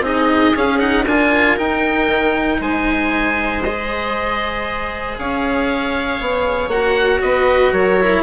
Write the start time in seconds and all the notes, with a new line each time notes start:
0.00 C4 D#4 G#4 D#5
0.55 C#4 F5
0.79 D#4 F#5
1.05 D4 F4 A#4 G#5
1.57 D#4 G5
2.07 D#3
2.59 G#3 C5 G#5
3.63 G#4 D#5
5.18 C#4 C#5 F5
6.20 B3
6.68 A#3 F#4 F#5
7.21 B3 B4 D#5
7.72 F#3 A#4 C#5
8.00 E4